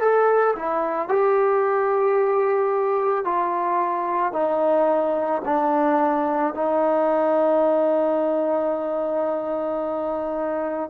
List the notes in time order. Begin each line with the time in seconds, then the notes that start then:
0.00 A4
0.56 E4
1.09 G4
3.24 F4
4.32 D#4
5.45 D4
6.54 D#4